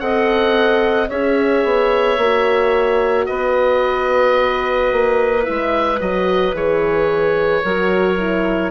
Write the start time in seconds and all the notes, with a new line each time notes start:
0.00 C4 A4 D#5 F#5
1.09 C#4 G#4 C#5 E5
1.65 B3
2.18 A#3 F#4
3.26 B3 B4 D#5
4.92 A#3
5.42 E4 E5
5.49 G#3
6.00 F#3 F#4 D#5
6.54 E3 G#4 C#5
7.64 F#3 F#4 A#4
8.18 E4